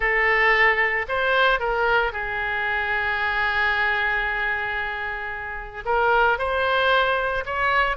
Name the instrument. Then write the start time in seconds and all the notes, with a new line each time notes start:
oboe
0.00 A4
1.08 C5
1.59 A#4
2.12 G#4
5.85 A#4
6.38 C5
7.45 C#5